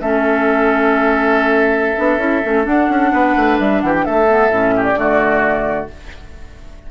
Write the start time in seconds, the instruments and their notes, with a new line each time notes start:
0.00 bassoon A3, clarinet C#4, oboe A4, flute E5
1.97 bassoon B3, clarinet D4
2.18 bassoon C#4, clarinet E4
2.42 bassoon A3, clarinet C#4
2.64 clarinet D4, bassoon D4, flute F#5
2.89 bassoon C#4
3.12 bassoon B3, oboe B4
3.36 bassoon A3
3.59 bassoon G3, flute E5
3.81 bassoon E3, oboe G4, flute F#5
3.94 flute G5
4.05 bassoon A3, oboe A4, flute E5
4.28 clarinet B3
4.49 bassoon A2, clarinet C#4
4.76 oboe G4
4.83 flute D5
4.95 bassoon D3, clarinet A3, oboe F#4